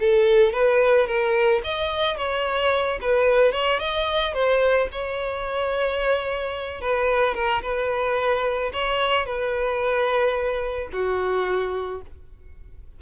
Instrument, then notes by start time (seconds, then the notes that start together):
violin
0.00 A4
0.53 B4
1.07 A#4
1.64 D#5
2.17 C#5
3.02 B4
3.53 C#5
3.80 D#5
4.34 C5
4.92 C#5
6.81 B4
7.35 A#4
7.63 B4
8.73 C#5
9.26 B4
10.93 F#4